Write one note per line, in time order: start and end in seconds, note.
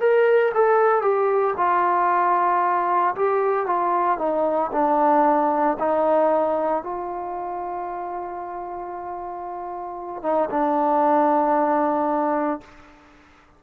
0.00 0.53 A#4
0.55 1.02 A4
1.02 1.55 G4
1.57 3.15 F4
3.16 3.67 G4
3.67 4.19 F4
4.19 4.71 D#4
4.73 5.78 D4
5.79 6.83 D#4
6.83 10.23 F4
10.23 10.49 D#4
10.51 12.61 D4